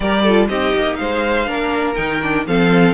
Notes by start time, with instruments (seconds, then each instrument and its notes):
0.00 cello G3, viola G4, violin A#4 D5
0.23 viola F4, violin A4
0.48 cello C4, viola D#4, violin G4 D#5
0.74 cello A#3
0.95 cello G#3, violin C5 F5
1.46 cello A#3, viola D4, violin A#4
1.94 cello D#3, viola D#4, violin G5
2.22 viola D4
2.47 cello F3, viola C4, violin A4 F5